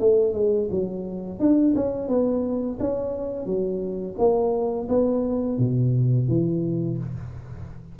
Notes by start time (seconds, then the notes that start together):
0.00 A3
0.34 G#3
0.71 F#3
1.40 D4
1.76 C#4
2.09 B3
2.80 C#4
3.46 F#3
4.19 A#3
4.89 B3
5.59 B2
6.29 E3